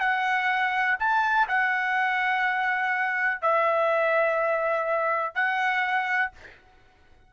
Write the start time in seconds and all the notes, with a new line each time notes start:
0.00 F#5
0.99 A5
1.48 F#5
3.42 E5
5.35 F#5